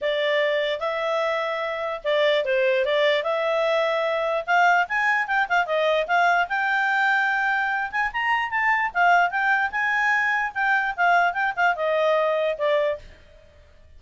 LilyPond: \new Staff \with { instrumentName = "clarinet" } { \time 4/4 \tempo 4 = 148 d''2 e''2~ | e''4 d''4 c''4 d''4 | e''2. f''4 | gis''4 g''8 f''8 dis''4 f''4 |
g''2.~ g''8 gis''8 | ais''4 a''4 f''4 g''4 | gis''2 g''4 f''4 | g''8 f''8 dis''2 d''4 | }